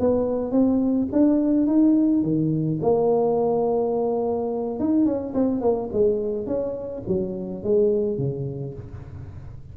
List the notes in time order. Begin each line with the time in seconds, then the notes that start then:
0.00 B3
0.52 C4
1.12 D4
1.67 D#4
2.23 D#3
2.82 A#3
4.80 D#4
5.06 C#4
5.34 C4
5.61 A#3
5.93 G#3
6.47 C#4
7.08 F#3
7.64 G#3
8.18 C#3